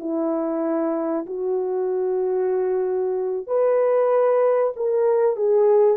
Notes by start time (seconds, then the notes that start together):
0.00 E4
1.27 F#4
3.47 B4
4.77 A#4
5.37 G#4